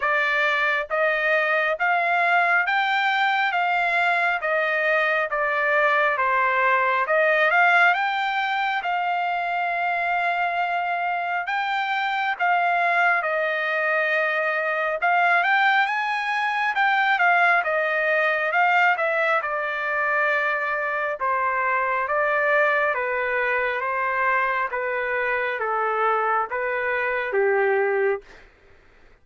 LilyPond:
\new Staff \with { instrumentName = "trumpet" } { \time 4/4 \tempo 4 = 68 d''4 dis''4 f''4 g''4 | f''4 dis''4 d''4 c''4 | dis''8 f''8 g''4 f''2~ | f''4 g''4 f''4 dis''4~ |
dis''4 f''8 g''8 gis''4 g''8 f''8 | dis''4 f''8 e''8 d''2 | c''4 d''4 b'4 c''4 | b'4 a'4 b'4 g'4 | }